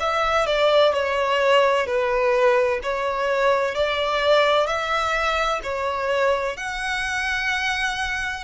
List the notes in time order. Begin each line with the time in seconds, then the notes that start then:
0.00 E5
0.47 D5
0.93 C#5
1.87 B4
2.83 C#5
3.75 D5
4.67 E5
5.63 C#5
6.57 F#5